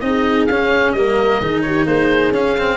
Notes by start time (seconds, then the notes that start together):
0.00 C4 D#4 D#5
0.07 G#4
0.46 C#4 F5
0.92 G3 A#3 A#4 D#5
1.40 D#3 D#4 G#4
1.62 G4 C#5
1.86 A#3 G#4 C5
2.31 C#4 F5
2.58 C4